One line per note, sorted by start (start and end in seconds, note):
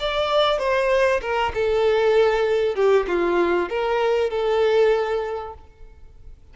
0.00 0.59 D5
0.59 1.21 C5
1.22 1.53 A#4
1.55 2.76 A4
2.76 3.06 G4
3.08 3.69 F4
3.69 4.30 A#4
4.30 5.54 A4